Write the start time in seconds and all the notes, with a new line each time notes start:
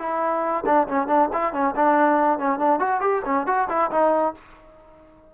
0.00 E4
0.66 D4
0.88 C#4
1.08 D4
1.34 E4
1.54 C#4
1.76 D4
2.39 C#4
2.59 D4
2.80 F#4
3.01 G4
3.26 C#4
3.47 F#4
3.70 E4
3.91 D#4